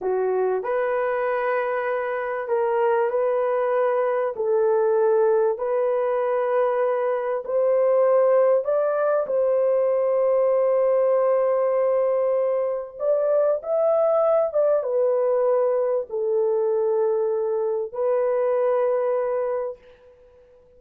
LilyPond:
\new Staff \with { instrumentName = "horn" } { \time 4/4 \tempo 4 = 97 fis'4 b'2. | ais'4 b'2 a'4~ | a'4 b'2. | c''2 d''4 c''4~ |
c''1~ | c''4 d''4 e''4. d''8 | b'2 a'2~ | a'4 b'2. | }